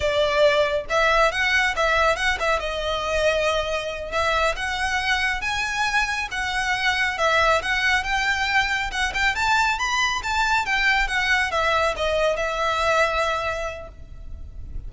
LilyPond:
\new Staff \with { instrumentName = "violin" } { \time 4/4 \tempo 4 = 138 d''2 e''4 fis''4 | e''4 fis''8 e''8 dis''2~ | dis''4. e''4 fis''4.~ | fis''8 gis''2 fis''4.~ |
fis''8 e''4 fis''4 g''4.~ | g''8 fis''8 g''8 a''4 b''4 a''8~ | a''8 g''4 fis''4 e''4 dis''8~ | dis''8 e''2.~ e''8 | }